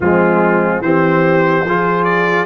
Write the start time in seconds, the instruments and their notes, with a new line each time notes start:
0.00 tuba F3, trombone G#3, horn C4, trumpet F4
0.80 tuba E3, trombone C4, horn G4, trumpet C5
1.64 tuba F3, trombone F4, horn G#4
2.04 trumpet D5